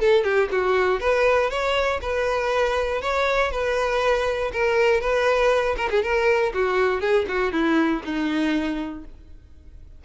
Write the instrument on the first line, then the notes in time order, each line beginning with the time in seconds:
violin
0.00 A4
0.24 G4
0.52 F#4
1.00 B4
1.50 C#5
2.02 B4
3.02 C#5
3.52 B4
4.53 A#4
5.01 B4
5.77 A#4
5.90 G#4
6.03 A#4
6.54 F#4
7.01 G#4
7.28 F#4
7.52 E4
8.05 D#4